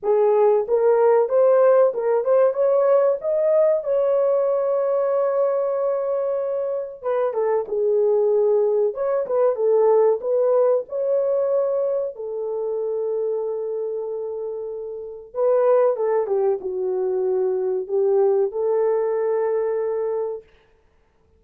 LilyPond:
\new Staff \with { instrumentName = "horn" } { \time 4/4 \tempo 4 = 94 gis'4 ais'4 c''4 ais'8 c''8 | cis''4 dis''4 cis''2~ | cis''2. b'8 a'8 | gis'2 cis''8 b'8 a'4 |
b'4 cis''2 a'4~ | a'1 | b'4 a'8 g'8 fis'2 | g'4 a'2. | }